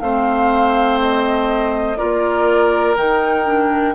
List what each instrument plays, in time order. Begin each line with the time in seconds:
0.00 bassoon A3, clarinet C4, oboe C5, flute F5
1.01 flute D#5
1.97 bassoon A#3, clarinet F4, oboe A#4, flute D5
2.96 bassoon D#3, clarinet D#4, flute G5
3.45 clarinet D4